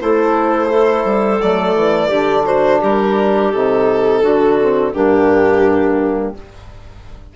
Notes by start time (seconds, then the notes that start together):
0.00 A3 E4 A4 C5
0.68 E4 A4
1.05 G3
1.41 F#3 A3 D5
1.75 E3
2.08 D3 D4 G4
2.44 F#4 C5
2.80 G3 G4 A#4
3.51 C3 D#4 A4
4.22 D3 D4 F#4
4.60 C4
4.92 G2 A#3 D4 G4